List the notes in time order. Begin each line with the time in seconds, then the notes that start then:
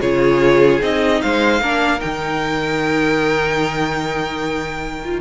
0.00 C#3 F4 G#4 C#5
0.80 C4 D#4 D#5
1.22 G#3 C5 F5
1.61 A#3 D4 A#4
1.99 D#3 D#4 G5
5.04 F4